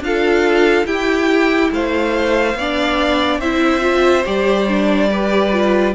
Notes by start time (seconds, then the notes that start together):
0.00 D4 F4 A4 F5
0.86 E4 G4 G5
1.71 A3 C5 F5
2.54 B3 D5
2.60 D4
3.38 C4 E4 C5 E5
3.80 F4
4.25 G3 G4 D5
4.68 D4
5.10 G4 B4
5.52 F4